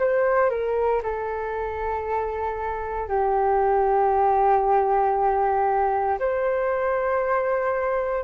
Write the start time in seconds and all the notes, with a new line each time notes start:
0.00 C5
0.51 A#4
1.03 A4
3.09 G4
6.20 C5